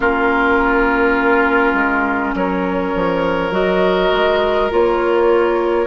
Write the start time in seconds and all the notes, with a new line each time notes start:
0.00 A#3 C#4 F4 A#4
1.73 G#3
2.34 F#3 A#4 C#5
2.95 F3
3.51 F#3 F#4 D#5
4.12 G#3
4.70 A#3 F4 C#5